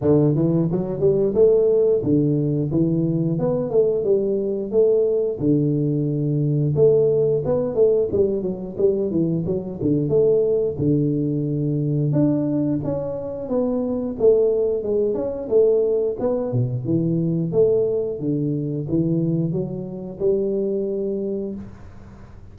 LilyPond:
\new Staff \with { instrumentName = "tuba" } { \time 4/4 \tempo 4 = 89 d8 e8 fis8 g8 a4 d4 | e4 b8 a8 g4 a4 | d2 a4 b8 a8 | g8 fis8 g8 e8 fis8 d8 a4 |
d2 d'4 cis'4 | b4 a4 gis8 cis'8 a4 | b8 b,8 e4 a4 d4 | e4 fis4 g2 | }